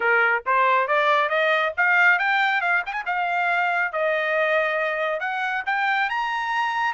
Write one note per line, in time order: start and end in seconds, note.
0.00 0.43 A#4
0.46 0.87 C5
0.87 1.29 D5
1.29 1.73 D#5
1.77 2.18 F5
2.18 2.61 G5
2.61 2.83 F5
2.86 2.92 G5
2.92 3.03 G#5
3.06 3.92 F5
3.92 5.20 D#5
5.20 5.63 F#5
5.66 6.09 G5
6.09 6.93 A#5